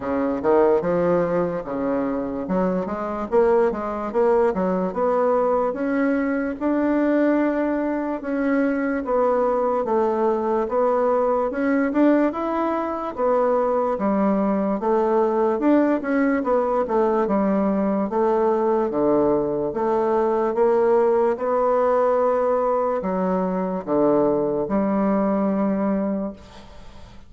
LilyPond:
\new Staff \with { instrumentName = "bassoon" } { \time 4/4 \tempo 4 = 73 cis8 dis8 f4 cis4 fis8 gis8 | ais8 gis8 ais8 fis8 b4 cis'4 | d'2 cis'4 b4 | a4 b4 cis'8 d'8 e'4 |
b4 g4 a4 d'8 cis'8 | b8 a8 g4 a4 d4 | a4 ais4 b2 | fis4 d4 g2 | }